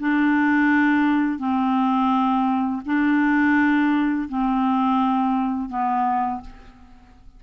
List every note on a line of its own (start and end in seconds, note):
0.00 1.39 D4
1.39 2.82 C4
2.86 4.29 D4
4.29 5.70 C4
5.70 6.41 B3